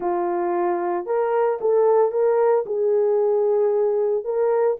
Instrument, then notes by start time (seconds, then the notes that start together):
horn
0.00 F4
1.05 A#4
1.60 A4
2.11 A#4
2.65 G#4
4.24 A#4